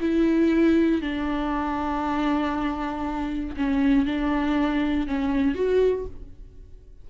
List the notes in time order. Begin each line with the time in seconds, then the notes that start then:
0.00 E4
1.01 D4
3.56 C#4
4.05 D4
5.07 C#4
5.54 F#4